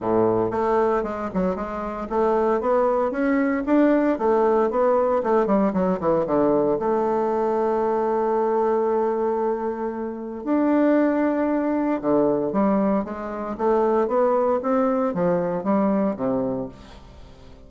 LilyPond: \new Staff \with { instrumentName = "bassoon" } { \time 4/4 \tempo 4 = 115 a,4 a4 gis8 fis8 gis4 | a4 b4 cis'4 d'4 | a4 b4 a8 g8 fis8 e8 | d4 a2.~ |
a1 | d'2. d4 | g4 gis4 a4 b4 | c'4 f4 g4 c4 | }